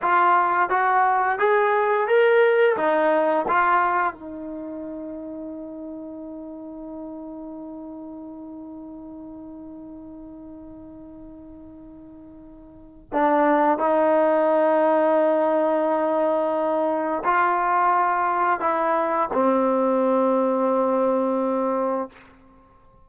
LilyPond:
\new Staff \with { instrumentName = "trombone" } { \time 4/4 \tempo 4 = 87 f'4 fis'4 gis'4 ais'4 | dis'4 f'4 dis'2~ | dis'1~ | dis'1~ |
dis'2. d'4 | dis'1~ | dis'4 f'2 e'4 | c'1 | }